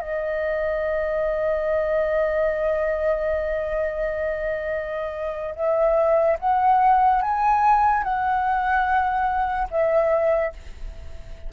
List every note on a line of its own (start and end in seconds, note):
0.00 5.55 D#5
5.55 6.37 E5
6.39 7.21 F#5
7.22 8.03 G#5
8.03 9.68 F#5
9.70 10.52 E5